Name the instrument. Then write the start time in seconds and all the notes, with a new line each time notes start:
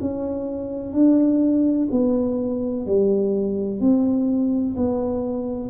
tuba
0.00 C#4
0.93 D4
1.90 B3
2.86 G3
3.80 C4
4.76 B3